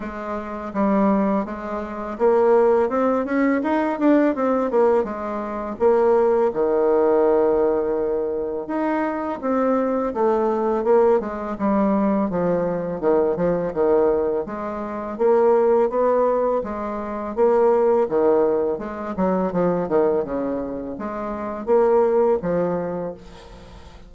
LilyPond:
\new Staff \with { instrumentName = "bassoon" } { \time 4/4 \tempo 4 = 83 gis4 g4 gis4 ais4 | c'8 cis'8 dis'8 d'8 c'8 ais8 gis4 | ais4 dis2. | dis'4 c'4 a4 ais8 gis8 |
g4 f4 dis8 f8 dis4 | gis4 ais4 b4 gis4 | ais4 dis4 gis8 fis8 f8 dis8 | cis4 gis4 ais4 f4 | }